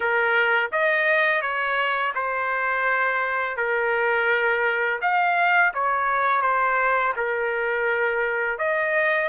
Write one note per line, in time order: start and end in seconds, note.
0.00 0.70 A#4
0.72 1.41 D#5
1.41 2.12 C#5
2.14 3.56 C5
3.56 4.99 A#4
5.01 5.72 F5
5.74 6.41 C#5
6.41 7.13 C5
7.16 8.58 A#4
8.58 9.28 D#5